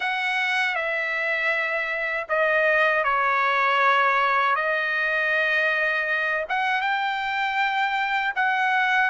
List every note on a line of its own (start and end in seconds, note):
0.00 0.75 F#5
0.75 2.26 E5
2.28 3.03 D#5
3.03 4.55 C#5
4.55 6.45 D#5
6.49 6.81 F#5
6.81 8.33 G5
8.35 9.10 F#5